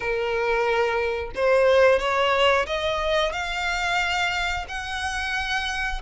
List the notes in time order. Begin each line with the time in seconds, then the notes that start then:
0.00 A#4
1.35 C5
1.99 C#5
2.66 D#5
3.32 F5
4.68 F#5